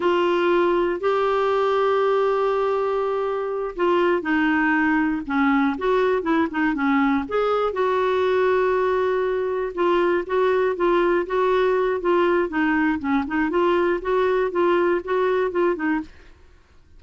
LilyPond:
\new Staff \with { instrumentName = "clarinet" } { \time 4/4 \tempo 4 = 120 f'2 g'2~ | g'2.~ g'8 f'8~ | f'8 dis'2 cis'4 fis'8~ | fis'8 e'8 dis'8 cis'4 gis'4 fis'8~ |
fis'2.~ fis'8 f'8~ | f'8 fis'4 f'4 fis'4. | f'4 dis'4 cis'8 dis'8 f'4 | fis'4 f'4 fis'4 f'8 dis'8 | }